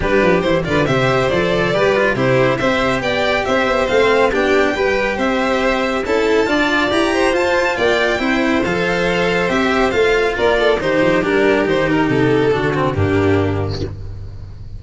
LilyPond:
<<
  \new Staff \with { instrumentName = "violin" } { \time 4/4 \tempo 4 = 139 b'4 c''8 d''8 e''4 d''4~ | d''4 c''4 e''4 g''4 | e''4 f''4 g''2 | e''2 a''2 |
ais''4 a''4 g''2 | f''2 e''4 f''4 | d''4 c''4 ais'4 c''8 ais'8 | a'2 g'2 | }
  \new Staff \with { instrumentName = "violin" } { \time 4/4 g'4. b'8 c''2 | b'4 g'4 c''4 d''4 | c''2 g'4 b'4 | c''2 a'4 d''4~ |
d''8 c''4. d''4 c''4~ | c''1 | ais'8 a'8 g'2.~ | g'4 fis'4 d'2 | }
  \new Staff \with { instrumentName = "cello" } { \time 4/4 d'4 e'8 f'8 g'4 a'4 | g'8 f'8 e'4 g'2~ | g'4 c'4 d'4 g'4~ | g'2 e'4 f'4 |
g'4 f'2 e'4 | a'2 g'4 f'4~ | f'4 dis'4 d'4 dis'4~ | dis'4 d'8 c'8 ais2 | }
  \new Staff \with { instrumentName = "tuba" } { \time 4/4 g8 f8 e8 d8 c4 f4 | g4 c4 c'4 b4 | c'8 b8 a4 b4 g4 | c'2 cis'4 d'4 |
e'4 f'4 ais4 c'4 | f2 c'4 a4 | ais4 dis8 f8 g4 dis4 | c4 d4 g,2 | }
>>